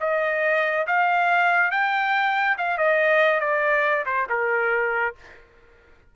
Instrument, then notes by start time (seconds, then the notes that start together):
trumpet
0.00 D#5
0.87 F5
1.71 G5
2.57 F5
2.77 D#5
3.40 D5
4.06 C5
4.29 A#4